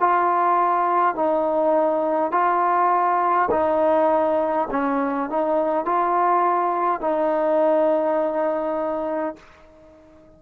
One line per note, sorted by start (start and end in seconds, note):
0.00 1.16 F4
1.16 2.32 D#4
2.32 3.50 F4
3.51 4.69 D#4
4.72 5.30 C#4
5.30 5.86 D#4
5.86 7.02 F4
7.02 9.36 D#4